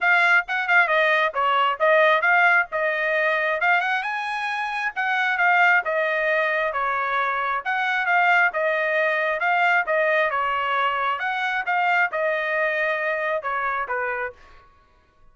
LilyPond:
\new Staff \with { instrumentName = "trumpet" } { \time 4/4 \tempo 4 = 134 f''4 fis''8 f''8 dis''4 cis''4 | dis''4 f''4 dis''2 | f''8 fis''8 gis''2 fis''4 | f''4 dis''2 cis''4~ |
cis''4 fis''4 f''4 dis''4~ | dis''4 f''4 dis''4 cis''4~ | cis''4 fis''4 f''4 dis''4~ | dis''2 cis''4 b'4 | }